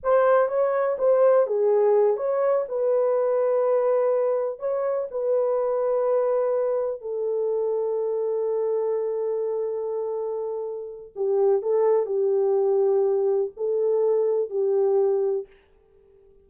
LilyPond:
\new Staff \with { instrumentName = "horn" } { \time 4/4 \tempo 4 = 124 c''4 cis''4 c''4 gis'4~ | gis'8 cis''4 b'2~ b'8~ | b'4. cis''4 b'4.~ | b'2~ b'8 a'4.~ |
a'1~ | a'2. g'4 | a'4 g'2. | a'2 g'2 | }